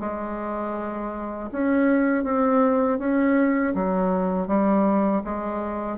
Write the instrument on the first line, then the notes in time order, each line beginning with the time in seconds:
bassoon
0.00 G#3
1.52 C#4
2.24 C4
2.99 C#4
3.75 F#3
4.48 G3
5.25 G#3